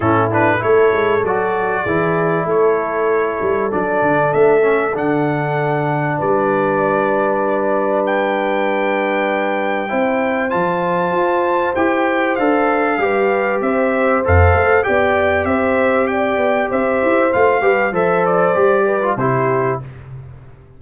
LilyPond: <<
  \new Staff \with { instrumentName = "trumpet" } { \time 4/4 \tempo 4 = 97 a'8 b'8 cis''4 d''2 | cis''2 d''4 e''4 | fis''2 d''2~ | d''4 g''2.~ |
g''4 a''2 g''4 | f''2 e''4 f''4 | g''4 e''4 g''4 e''4 | f''4 e''8 d''4. c''4 | }
  \new Staff \with { instrumentName = "horn" } { \time 4/4 e'4 a'2 gis'4 | a'1~ | a'2 b'2~ | b'1 |
c''1~ | c''4 b'4 c''2 | d''4 c''4 d''4 c''4~ | c''8 b'8 c''4. b'8 g'4 | }
  \new Staff \with { instrumentName = "trombone" } { \time 4/4 cis'8 d'8 e'4 fis'4 e'4~ | e'2 d'4. cis'8 | d'1~ | d'1 |
e'4 f'2 g'4 | a'4 g'2 a'4 | g'1 | f'8 g'8 a'4 g'8. f'16 e'4 | }
  \new Staff \with { instrumentName = "tuba" } { \time 4/4 a,4 a8 gis8 fis4 e4 | a4. g8 fis8 d8 a4 | d2 g2~ | g1 |
c'4 f4 f'4 e'4 | d'4 g4 c'4 f,8 a8 | b4 c'4. b8 c'8 e'8 | a8 g8 f4 g4 c4 | }
>>